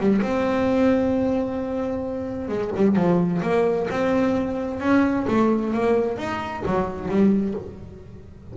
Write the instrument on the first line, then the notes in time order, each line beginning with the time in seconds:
double bass
0.00 G3
0.22 C4
2.49 G#3
2.76 G3
2.96 F3
3.42 A#3
3.90 C4
4.80 C#4
5.28 A3
5.74 A#3
6.18 D#4
6.66 F#3
7.09 G3